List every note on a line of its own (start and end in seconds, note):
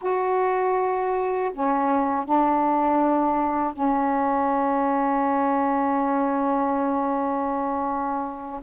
0.01 1.51 F#4
1.53 2.25 C#4
2.25 3.73 D4
3.73 8.60 C#4